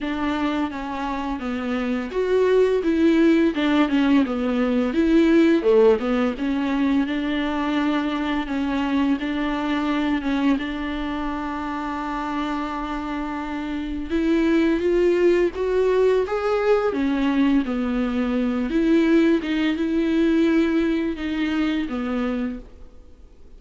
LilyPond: \new Staff \with { instrumentName = "viola" } { \time 4/4 \tempo 4 = 85 d'4 cis'4 b4 fis'4 | e'4 d'8 cis'8 b4 e'4 | a8 b8 cis'4 d'2 | cis'4 d'4. cis'8 d'4~ |
d'1 | e'4 f'4 fis'4 gis'4 | cis'4 b4. e'4 dis'8 | e'2 dis'4 b4 | }